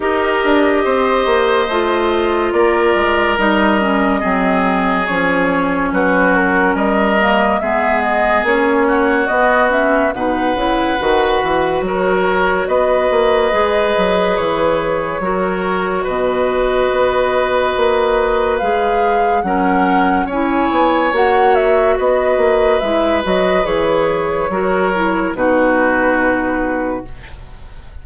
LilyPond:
<<
  \new Staff \with { instrumentName = "flute" } { \time 4/4 \tempo 4 = 71 dis''2. d''4 | dis''2 cis''4 b'8 ais'8 | dis''4 e''8 dis''8 cis''4 dis''8 e''8 | fis''2 cis''4 dis''4~ |
dis''4 cis''2 dis''4~ | dis''2 f''4 fis''4 | gis''4 fis''8 e''8 dis''4 e''8 dis''8 | cis''2 b'2 | }
  \new Staff \with { instrumentName = "oboe" } { \time 4/4 ais'4 c''2 ais'4~ | ais'4 gis'2 fis'4 | ais'4 gis'4. fis'4. | b'2 ais'4 b'4~ |
b'2 ais'4 b'4~ | b'2. ais'4 | cis''2 b'2~ | b'4 ais'4 fis'2 | }
  \new Staff \with { instrumentName = "clarinet" } { \time 4/4 g'2 f'2 | dis'8 cis'8 c'4 cis'2~ | cis'8 ais8 b4 cis'4 b8 cis'8 | dis'8 e'8 fis'2. |
gis'2 fis'2~ | fis'2 gis'4 cis'4 | e'4 fis'2 e'8 fis'8 | gis'4 fis'8 e'8 dis'2 | }
  \new Staff \with { instrumentName = "bassoon" } { \time 4/4 dis'8 d'8 c'8 ais8 a4 ais8 gis8 | g4 fis4 f4 fis4 | g4 gis4 ais4 b4 | b,8 cis8 dis8 e8 fis4 b8 ais8 |
gis8 fis8 e4 fis4 b,4 | b4 ais4 gis4 fis4 | cis'8 b8 ais4 b8 ais8 gis8 fis8 | e4 fis4 b,2 | }
>>